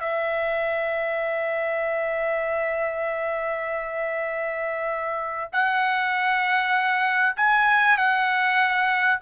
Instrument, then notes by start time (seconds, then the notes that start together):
trumpet
0.00 E5
5.53 F#5
7.37 G#5
7.98 F#5